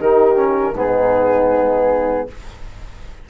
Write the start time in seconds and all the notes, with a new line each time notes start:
0.00 D#3 D#4 G4 A#4
0.36 C#4
0.75 G#2 B3 D#4 G#4